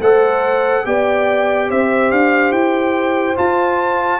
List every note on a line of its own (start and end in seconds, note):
0.00 0.85 A3
0.00 0.85 A4
0.00 0.86 C5
0.00 0.86 F#5
0.85 1.70 B3
0.85 3.36 G4
0.85 1.69 D5
0.85 1.70 G5
1.69 2.12 C4
1.69 4.20 C5
1.69 2.11 E5
2.11 2.52 D4
2.11 2.52 F5
2.52 3.36 E4
2.52 3.36 G5
3.36 4.20 F4
3.36 4.20 A5